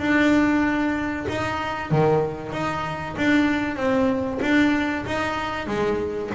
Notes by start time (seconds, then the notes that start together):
0.00 D4
1.29 D#4
1.91 D#3
2.53 D#4
3.18 D4
3.77 C4
4.42 D4
5.06 D#4
5.68 G#3